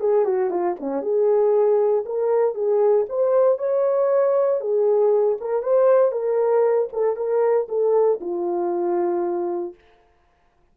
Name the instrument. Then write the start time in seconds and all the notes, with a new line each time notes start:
horn
0.00 G#4
0.25 F#4
0.50 F4
0.79 C#4
1.02 G#4
2.05 A#4
2.54 G#4
3.09 C5
3.58 C#5
4.60 G#4
5.40 A#4
5.62 C5
6.11 A#4
6.92 A4
7.16 A#4
7.68 A4
8.20 F4